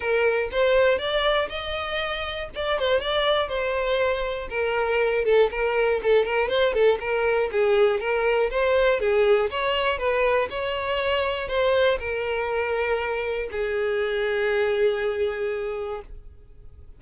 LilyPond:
\new Staff \with { instrumentName = "violin" } { \time 4/4 \tempo 4 = 120 ais'4 c''4 d''4 dis''4~ | dis''4 d''8 c''8 d''4 c''4~ | c''4 ais'4. a'8 ais'4 | a'8 ais'8 c''8 a'8 ais'4 gis'4 |
ais'4 c''4 gis'4 cis''4 | b'4 cis''2 c''4 | ais'2. gis'4~ | gis'1 | }